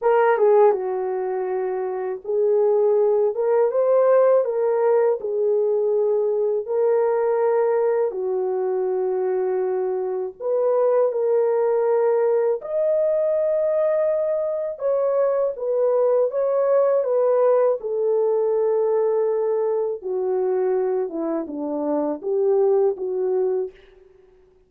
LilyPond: \new Staff \with { instrumentName = "horn" } { \time 4/4 \tempo 4 = 81 ais'8 gis'8 fis'2 gis'4~ | gis'8 ais'8 c''4 ais'4 gis'4~ | gis'4 ais'2 fis'4~ | fis'2 b'4 ais'4~ |
ais'4 dis''2. | cis''4 b'4 cis''4 b'4 | a'2. fis'4~ | fis'8 e'8 d'4 g'4 fis'4 | }